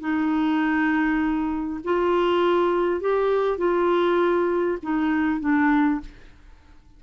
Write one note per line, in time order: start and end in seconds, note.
0.00 1.80 D#4
1.84 3.01 F4
3.01 3.58 G4
3.58 4.78 F4
4.83 5.40 D#4
5.40 6.00 D4